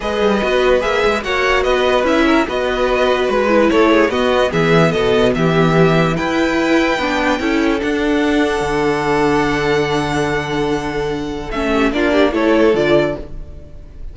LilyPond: <<
  \new Staff \with { instrumentName = "violin" } { \time 4/4 \tempo 4 = 146 dis''2 e''4 fis''4 | dis''4 e''4 dis''2 | b'4 cis''4 dis''4 e''4 | dis''4 e''2 g''4~ |
g''2. fis''4~ | fis''1~ | fis''1 | e''4 d''4 cis''4 d''4 | }
  \new Staff \with { instrumentName = "violin" } { \time 4/4 b'2. cis''4 | b'4. ais'8 b'2~ | b'4 a'8 gis'8 fis'4 gis'4 | a'4 g'2 b'4~ |
b'2 a'2~ | a'1~ | a'1~ | a'8 g'8 f'8 g'8 a'2 | }
  \new Staff \with { instrumentName = "viola" } { \time 4/4 gis'4 fis'4 gis'4 fis'4~ | fis'4 e'4 fis'2~ | fis'8 e'4. b2~ | b2. e'4~ |
e'4 d'4 e'4 d'4~ | d'1~ | d'1 | cis'4 d'4 e'4 f'4 | }
  \new Staff \with { instrumentName = "cello" } { \time 4/4 gis8 g8 b4 ais8 gis8 ais4 | b4 cis'4 b2 | gis4 a4 b4 e4 | b,4 e2 e'4~ |
e'4 b4 cis'4 d'4~ | d'4 d2.~ | d1 | a4 ais4 a4 d4 | }
>>